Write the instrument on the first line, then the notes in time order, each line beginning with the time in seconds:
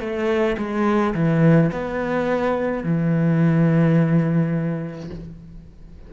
cello
0.00 A3
0.58 G#3
1.14 E3
1.72 B3
2.84 E3